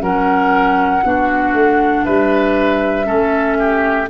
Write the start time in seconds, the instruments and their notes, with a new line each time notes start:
0.00 tuba F#3, clarinet C#4, oboe A#4, flute F#5
1.04 tuba B3, clarinet D4, oboe F#4
1.54 tuba A3
2.05 tuba G3, oboe B4, flute E5
3.06 tuba A3, clarinet C#4, oboe A4
3.59 oboe G4